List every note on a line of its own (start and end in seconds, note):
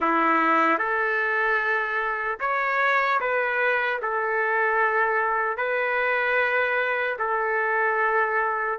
0.00 0.78 E4
0.78 2.38 A4
2.40 3.20 C#5
3.20 4.00 B4
4.01 5.57 A4
5.57 7.17 B4
7.18 8.78 A4